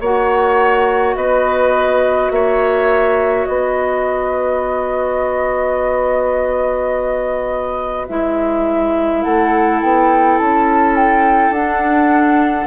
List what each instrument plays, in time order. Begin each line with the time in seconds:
0.00 bassoon A#3, clarinet F#4, oboe C#5, flute F#5
1.15 bassoon B3, oboe B4, flute D#5
2.30 bassoon A#3, oboe C#5, flute E5
3.45 bassoon B3, oboe B4, flute D#5
8.07 bassoon G#3, clarinet E4, flute E5
9.22 bassoon A3, oboe A4, flute F#5
9.81 bassoon B3, flute G5
10.38 bassoon C#4, flute A5
10.95 flute G5
11.50 bassoon D4, clarinet D4, flute F#5